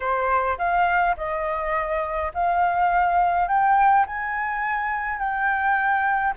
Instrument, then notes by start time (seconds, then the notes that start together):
flute
0.00 C5
0.58 F5
1.16 D#5
2.34 F5
3.48 G5
4.06 G#5
5.18 G5